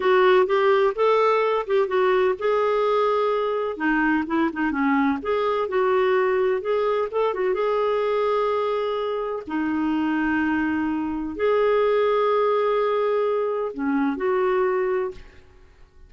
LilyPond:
\new Staff \with { instrumentName = "clarinet" } { \time 4/4 \tempo 4 = 127 fis'4 g'4 a'4. g'8 | fis'4 gis'2. | dis'4 e'8 dis'8 cis'4 gis'4 | fis'2 gis'4 a'8 fis'8 |
gis'1 | dis'1 | gis'1~ | gis'4 cis'4 fis'2 | }